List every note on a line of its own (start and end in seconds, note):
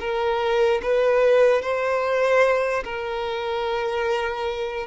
0.00 0.81 A#4
0.82 1.62 B4
1.62 2.84 C5
2.84 4.87 A#4